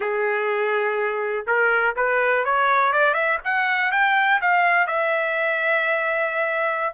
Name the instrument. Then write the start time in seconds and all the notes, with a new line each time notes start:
trumpet
0.00 G#4
1.47 A#4
1.96 B4
2.44 C#5
2.92 D5
3.14 E5
3.44 F#5
3.91 G5
4.41 F5
4.86 E5